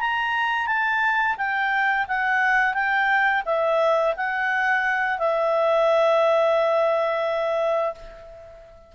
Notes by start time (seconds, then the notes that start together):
0.00 A#5
0.66 A5
1.37 G5
2.08 F#5
2.73 G5
3.45 E5
4.16 F#5
5.18 E5